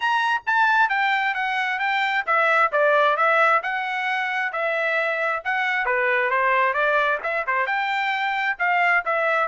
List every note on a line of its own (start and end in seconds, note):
0.00 0.42 A#5
0.46 0.89 A5
0.89 1.34 G5
1.34 1.79 F#5
1.79 2.24 G5
2.26 2.71 E5
2.72 3.16 D5
3.16 3.61 E5
3.62 4.52 F#5
4.52 5.42 E5
5.44 5.85 F#5
5.85 6.30 B4
6.30 6.73 C5
6.73 7.18 D5
7.23 7.45 E5
7.46 7.66 C5
7.66 8.56 G5
8.58 9.03 F5
9.05 9.48 E5